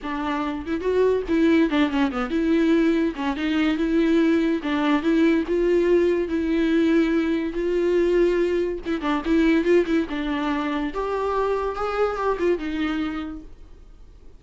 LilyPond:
\new Staff \with { instrumentName = "viola" } { \time 4/4 \tempo 4 = 143 d'4. e'8 fis'4 e'4 | d'8 cis'8 b8 e'2 cis'8 | dis'4 e'2 d'4 | e'4 f'2 e'4~ |
e'2 f'2~ | f'4 e'8 d'8 e'4 f'8 e'8 | d'2 g'2 | gis'4 g'8 f'8 dis'2 | }